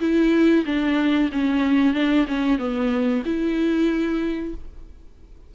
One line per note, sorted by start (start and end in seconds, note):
0.00 0.65 E4
0.65 1.30 D4
1.32 1.94 C#4
1.94 2.26 D4
2.27 2.58 C#4
2.58 3.23 B3
3.25 4.54 E4